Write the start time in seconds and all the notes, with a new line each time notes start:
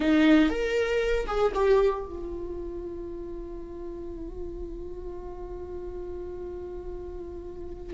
0.00 D#4
0.49 A#4
1.26 G#4
1.54 G4
2.05 F4